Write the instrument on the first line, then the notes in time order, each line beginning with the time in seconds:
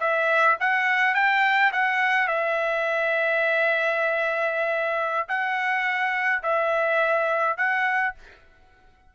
trumpet
0.00 E5
0.60 F#5
1.15 G5
1.72 F#5
2.28 E5
5.28 F#5
6.43 E5
7.57 F#5